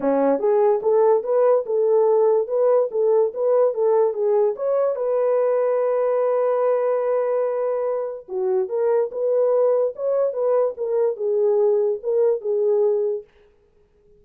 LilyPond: \new Staff \with { instrumentName = "horn" } { \time 4/4 \tempo 4 = 145 cis'4 gis'4 a'4 b'4 | a'2 b'4 a'4 | b'4 a'4 gis'4 cis''4 | b'1~ |
b'1 | fis'4 ais'4 b'2 | cis''4 b'4 ais'4 gis'4~ | gis'4 ais'4 gis'2 | }